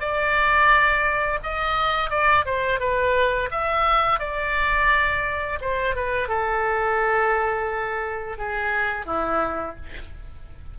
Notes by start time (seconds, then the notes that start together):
0.00 D5
1.43 D#5
2.10 D5
2.45 C5
2.80 B4
3.51 E5
4.20 D5
5.61 C5
5.96 B4
6.29 A4
8.38 G#4
9.06 E4